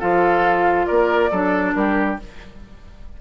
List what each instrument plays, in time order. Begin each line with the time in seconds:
0.00 bassoon F3, clarinet F4, oboe A4, flute F5
0.87 bassoon A#3, oboe A#4, flute D5
1.31 bassoon F#3, clarinet D4, oboe A4
1.74 bassoon G3, oboe G4, flute A#4